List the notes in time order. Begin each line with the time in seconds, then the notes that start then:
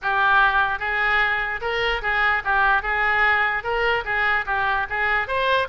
0.02 G4
0.79 G#4
1.61 A#4
2.02 G#4
2.44 G4
2.82 G#4
3.63 A#4
4.04 G#4
4.46 G4
4.89 G#4
5.27 C5